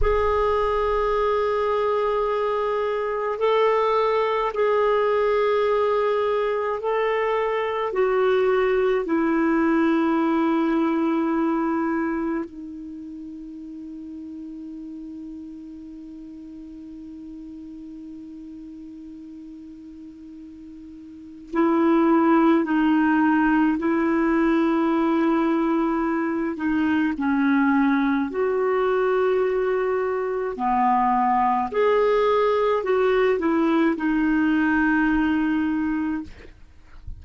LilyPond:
\new Staff \with { instrumentName = "clarinet" } { \time 4/4 \tempo 4 = 53 gis'2. a'4 | gis'2 a'4 fis'4 | e'2. dis'4~ | dis'1~ |
dis'2. e'4 | dis'4 e'2~ e'8 dis'8 | cis'4 fis'2 b4 | gis'4 fis'8 e'8 dis'2 | }